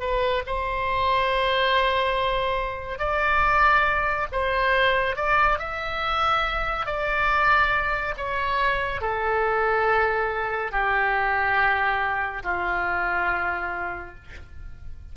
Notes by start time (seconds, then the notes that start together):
0.00 B4
0.47 C5
2.99 D5
4.32 C5
5.16 D5
5.59 E5
6.86 D5
8.18 C#5
9.01 A4
10.72 G4
12.44 F4